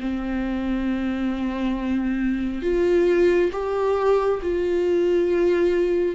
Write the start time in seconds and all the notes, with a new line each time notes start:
0.00 C4
2.62 F4
3.52 G4
4.42 F4